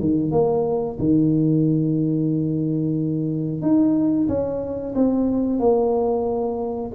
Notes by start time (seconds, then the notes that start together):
0.00 D#3
0.32 A#3
1.00 D#3
3.62 D#4
4.29 C#4
4.95 C4
5.60 A#3